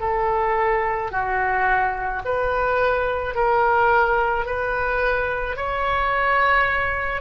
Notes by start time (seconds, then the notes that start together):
0.00 A4
1.11 F#4
2.25 B4
3.34 A#4
4.45 B4
5.56 C#5